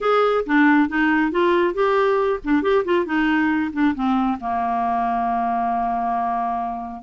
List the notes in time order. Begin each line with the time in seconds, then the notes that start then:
0.00 G#4
0.46 D4
0.89 D#4
1.31 F4
1.74 G4
2.43 D4
2.62 G4
2.85 F4
3.05 D#4
3.72 D4
3.94 C4
4.40 A#3